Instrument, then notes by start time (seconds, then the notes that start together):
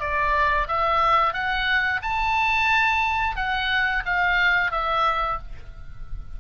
oboe
0.00 D5
0.68 E5
1.33 F#5
2.02 A5
3.36 F#5
4.05 F5
4.71 E5